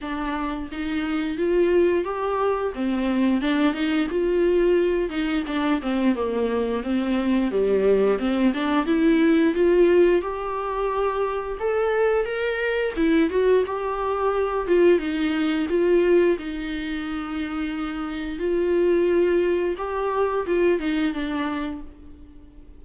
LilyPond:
\new Staff \with { instrumentName = "viola" } { \time 4/4 \tempo 4 = 88 d'4 dis'4 f'4 g'4 | c'4 d'8 dis'8 f'4. dis'8 | d'8 c'8 ais4 c'4 g4 | c'8 d'8 e'4 f'4 g'4~ |
g'4 a'4 ais'4 e'8 fis'8 | g'4. f'8 dis'4 f'4 | dis'2. f'4~ | f'4 g'4 f'8 dis'8 d'4 | }